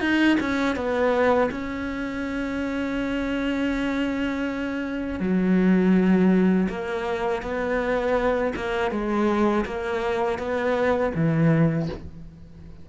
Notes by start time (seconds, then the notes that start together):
0.00 D#4
0.40 C#4
0.75 B3
1.51 C#4
5.20 F#3
6.69 A#3
7.42 B3
8.56 A#3
8.91 G#3
9.65 A#3
10.38 B3
11.14 E3